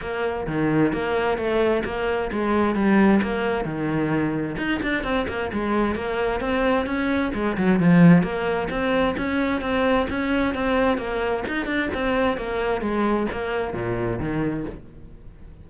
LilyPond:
\new Staff \with { instrumentName = "cello" } { \time 4/4 \tempo 4 = 131 ais4 dis4 ais4 a4 | ais4 gis4 g4 ais4 | dis2 dis'8 d'8 c'8 ais8 | gis4 ais4 c'4 cis'4 |
gis8 fis8 f4 ais4 c'4 | cis'4 c'4 cis'4 c'4 | ais4 dis'8 d'8 c'4 ais4 | gis4 ais4 ais,4 dis4 | }